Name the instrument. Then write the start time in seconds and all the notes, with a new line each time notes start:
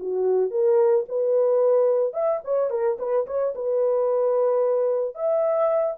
horn
0.00 F#4
0.51 A#4
1.09 B4
2.14 E5
2.44 C#5
2.70 A#4
2.99 B4
3.27 C#5
3.56 B4
5.15 E5